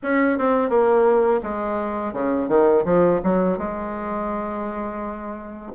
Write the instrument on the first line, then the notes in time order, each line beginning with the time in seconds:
bassoon
0.02 C#4
0.38 C4
0.69 A#3
1.43 G#3
2.13 C#3
2.48 D#3
2.84 F3
3.23 F#3
3.58 G#3